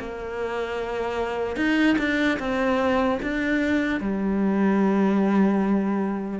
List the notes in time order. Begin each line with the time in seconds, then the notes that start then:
0.00 A#3
1.57 D#4
1.99 D4
2.40 C4
3.23 D4
4.01 G3